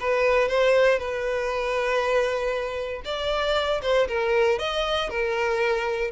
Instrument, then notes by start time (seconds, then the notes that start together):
violin
0.00 B4
0.49 C5
0.99 B4
3.05 D5
3.82 C5
4.08 A#4
4.59 D#5
5.10 A#4